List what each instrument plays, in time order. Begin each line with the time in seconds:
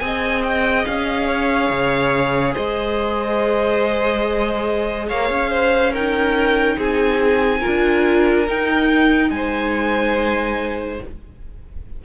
0.00 cello C4, viola G#4, violin D#5 G#5
0.44 violin G5
0.85 cello C#4, violin F5
1.28 violin C#5
1.70 cello C#3
2.54 cello G#3, violin C5 D#5
5.08 cello A#3, violin C#5 F5
5.30 cello C#4
5.50 violin C5
5.92 viola D#4, violin A#4 G5
6.78 cello C4, violin G#4 G#5
7.60 viola F4, violin A#4
7.67 cello D4
8.48 cello D#4, viola D#4, violin G5
9.30 cello G#3, violin C5 G#5